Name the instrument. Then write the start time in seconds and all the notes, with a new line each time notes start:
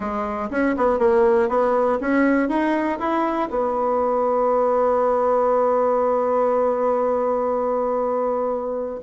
bassoon
0.00 G#3
0.50 C#4
0.76 B3
0.98 A#3
1.48 B3
2.00 C#4
2.48 D#4
2.99 E4
3.50 B3